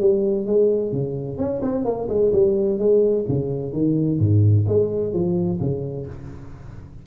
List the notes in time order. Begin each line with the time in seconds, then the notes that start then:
0.00 G3
0.47 G#3
0.92 C#3
1.38 C#4
1.62 C4
1.85 A#3
2.09 G#3
2.33 G3
2.79 G#3
3.28 C#3
3.73 D#3
4.19 G#2
4.68 G#3
5.13 F3
5.60 C#3